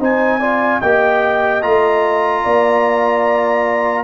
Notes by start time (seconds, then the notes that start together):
0.00 C4 D#4 C5 G#5
0.40 F4 D5
0.81 A#3 G4 D#5 G5
1.63 A3 F4 A#5
2.44 A#3 D5